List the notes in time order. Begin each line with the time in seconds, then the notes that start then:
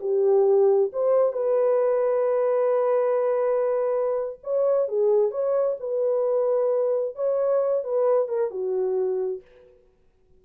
0.00 G4
0.93 C5
1.33 B4
4.43 C#5
4.88 G#4
5.31 C#5
5.79 B4
7.15 C#5
7.83 B4
8.28 A#4
8.50 F#4